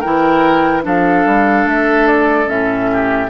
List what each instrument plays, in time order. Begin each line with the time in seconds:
0.00 bassoon E3, clarinet E4, oboe A#4, flute G5
0.82 bassoon F3, clarinet D4, oboe A4, flute F5
1.26 bassoon G3
1.65 bassoon A3, flute E5
2.07 flute D5
2.46 bassoon A2, clarinet C#4, flute E5
2.92 oboe G4